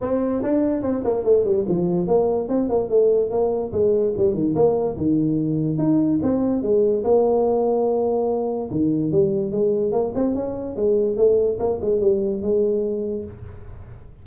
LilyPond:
\new Staff \with { instrumentName = "tuba" } { \time 4/4 \tempo 4 = 145 c'4 d'4 c'8 ais8 a8 g8 | f4 ais4 c'8 ais8 a4 | ais4 gis4 g8 dis8 ais4 | dis2 dis'4 c'4 |
gis4 ais2.~ | ais4 dis4 g4 gis4 | ais8 c'8 cis'4 gis4 a4 | ais8 gis8 g4 gis2 | }